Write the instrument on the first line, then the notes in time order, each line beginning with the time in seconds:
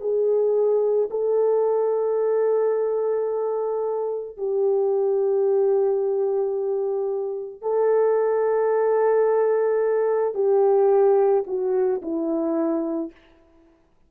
horn
0.00 G#4
1.10 A4
4.37 G4
7.61 A4
10.34 G4
11.46 F#4
12.02 E4